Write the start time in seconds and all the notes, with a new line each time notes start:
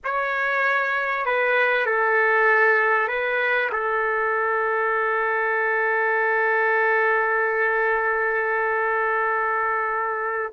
0.04 C#5
1.25 B4
1.86 A4
3.08 B4
3.72 A4